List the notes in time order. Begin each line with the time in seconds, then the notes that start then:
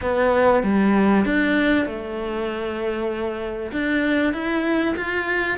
0.01 B3
0.63 G3
1.25 D4
1.86 A3
3.71 D4
4.33 E4
4.96 F4